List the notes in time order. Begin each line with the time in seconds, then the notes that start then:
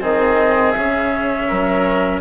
0.00 D#3 C4 G#4 D#5
0.71 C#3 E5
0.77 C#4
1.47 F#3 A#4